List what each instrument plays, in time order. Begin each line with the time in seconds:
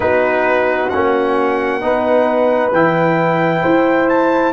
0.00 tuba B3, trombone D#4, horn F#4, trumpet B4
0.89 tuba A#3, trombone C#4, trumpet F#5
1.80 tuba B3, trombone D#4, horn B4
2.72 tuba E3, trombone E4, trumpet G5
3.62 tuba E4, horn C5
4.09 trumpet A5